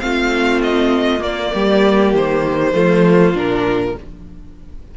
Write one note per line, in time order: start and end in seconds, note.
0.00 1.21 A3
0.00 1.19 C4
0.00 1.54 F4
0.00 0.61 F5
0.63 1.23 D#5
1.19 2.71 A#3
1.19 1.51 A#3
1.19 2.14 D5
1.54 2.14 G3
1.54 2.74 G4
2.14 2.73 D#3
2.14 3.37 C5
2.73 3.34 F3
2.73 3.34 A3
2.73 3.95 F4
3.34 3.95 A#2
3.34 3.95 D4
3.34 3.97 A#4